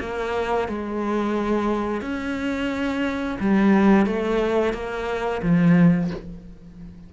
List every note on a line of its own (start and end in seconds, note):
0.00 0.68 A#3
0.68 2.01 G#3
2.01 3.38 C#4
3.40 4.06 G3
4.06 4.73 A3
4.73 5.41 A#3
5.42 6.11 F3